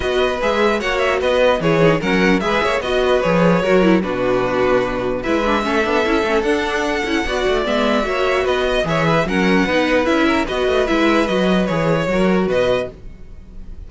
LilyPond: <<
  \new Staff \with { instrumentName = "violin" } { \time 4/4 \tempo 4 = 149 dis''4 e''4 fis''8 e''8 dis''4 | cis''4 fis''4 e''4 dis''4 | cis''2 b'2~ | b'4 e''2. |
fis''2. e''4~ | e''4 dis''4 e''4 fis''4~ | fis''4 e''4 dis''4 e''4 | dis''4 cis''2 dis''4 | }
  \new Staff \with { instrumentName = "violin" } { \time 4/4 b'2 cis''4 b'4 | gis'4 ais'4 b'8 cis''8 dis''8 b'8~ | b'4 ais'4 fis'2~ | fis'4 b'4 a'2~ |
a'2 d''2 | cis''4 b'8 dis''8 cis''8 b'8 ais'4 | b'4. ais'8 b'2~ | b'2 ais'4 b'4 | }
  \new Staff \with { instrumentName = "viola" } { \time 4/4 fis'4 gis'4 fis'2 | e'8 dis'8 cis'4 gis'4 fis'4 | gis'4 fis'8 e'8 d'2~ | d'4 e'8 d'8 cis'8 d'8 e'8 cis'8 |
d'4. e'8 fis'4 b4 | fis'2 gis'4 cis'4 | dis'4 e'4 fis'4 e'4 | fis'4 gis'4 fis'2 | }
  \new Staff \with { instrumentName = "cello" } { \time 4/4 b4 gis4 ais4 b4 | e4 fis4 gis8 ais8 b4 | f4 fis4 b,2~ | b,4 gis4 a8 b8 cis'8 a8 |
d'4. cis'8 b8 a8 gis4 | ais4 b4 e4 fis4 | b4 cis'4 b8 a8 gis4 | fis4 e4 fis4 b,4 | }
>>